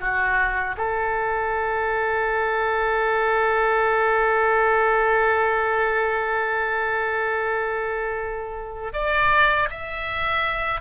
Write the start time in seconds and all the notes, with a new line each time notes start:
0.00 F#4
0.77 A4
8.93 D5
9.70 E5